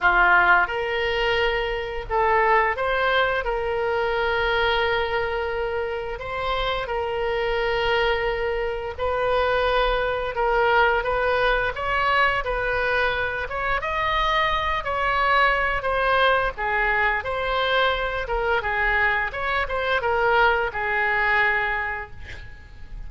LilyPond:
\new Staff \with { instrumentName = "oboe" } { \time 4/4 \tempo 4 = 87 f'4 ais'2 a'4 | c''4 ais'2.~ | ais'4 c''4 ais'2~ | ais'4 b'2 ais'4 |
b'4 cis''4 b'4. cis''8 | dis''4. cis''4. c''4 | gis'4 c''4. ais'8 gis'4 | cis''8 c''8 ais'4 gis'2 | }